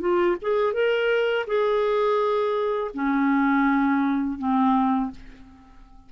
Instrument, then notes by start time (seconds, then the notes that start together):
clarinet
0.00 F4
0.42 G#4
0.73 A#4
1.47 G#4
2.94 C#4
4.39 C4